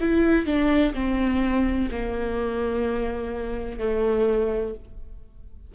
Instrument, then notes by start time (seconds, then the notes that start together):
viola
0.00 E4
0.46 D4
0.94 C4
1.91 A#3
3.79 A3